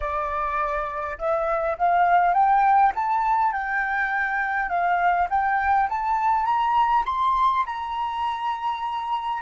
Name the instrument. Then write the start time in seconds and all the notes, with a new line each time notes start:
flute
0.00 D5
1.18 E5
1.78 F5
2.33 G5
2.95 A5
3.52 G5
4.69 F5
5.29 G5
5.89 A5
6.45 A#5
7.05 C6
7.66 A#5